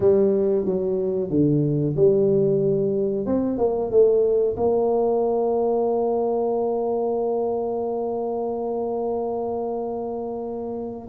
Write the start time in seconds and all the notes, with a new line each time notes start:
0.00 G3
0.65 F#3
1.30 D3
1.96 G3
3.25 C4
3.58 A#3
3.90 A3
4.56 A#3